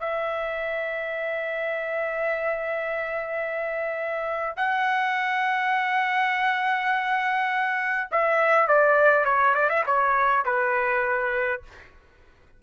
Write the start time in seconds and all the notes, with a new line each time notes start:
0.00 E5
4.57 F#5
8.11 E5
8.68 D5
9.25 C#5
9.55 D5
9.70 E5
9.86 C#5
10.45 B4